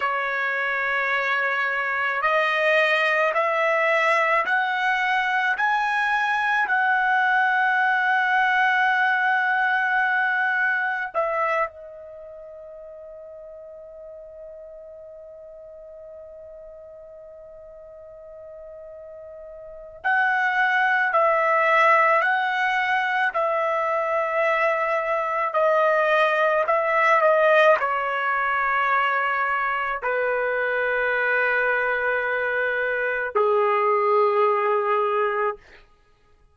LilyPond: \new Staff \with { instrumentName = "trumpet" } { \time 4/4 \tempo 4 = 54 cis''2 dis''4 e''4 | fis''4 gis''4 fis''2~ | fis''2 e''8 dis''4.~ | dis''1~ |
dis''2 fis''4 e''4 | fis''4 e''2 dis''4 | e''8 dis''8 cis''2 b'4~ | b'2 gis'2 | }